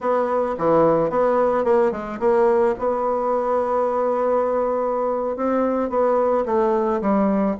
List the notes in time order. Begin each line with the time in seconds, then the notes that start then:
0.00 B3
0.58 E3
1.10 B3
1.64 A#3
1.91 G#3
2.19 A#3
2.78 B3
5.36 C4
5.89 B3
6.45 A3
7.01 G3